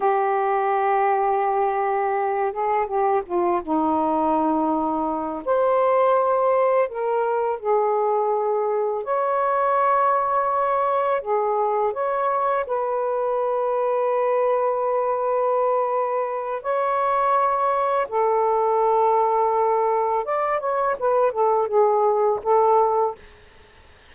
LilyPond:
\new Staff \with { instrumentName = "saxophone" } { \time 4/4 \tempo 4 = 83 g'2.~ g'8 gis'8 | g'8 f'8 dis'2~ dis'8 c''8~ | c''4. ais'4 gis'4.~ | gis'8 cis''2. gis'8~ |
gis'8 cis''4 b'2~ b'8~ | b'2. cis''4~ | cis''4 a'2. | d''8 cis''8 b'8 a'8 gis'4 a'4 | }